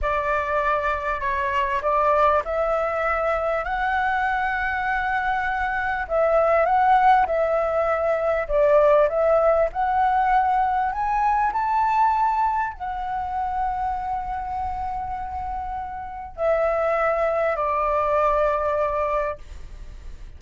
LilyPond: \new Staff \with { instrumentName = "flute" } { \time 4/4 \tempo 4 = 99 d''2 cis''4 d''4 | e''2 fis''2~ | fis''2 e''4 fis''4 | e''2 d''4 e''4 |
fis''2 gis''4 a''4~ | a''4 fis''2.~ | fis''2. e''4~ | e''4 d''2. | }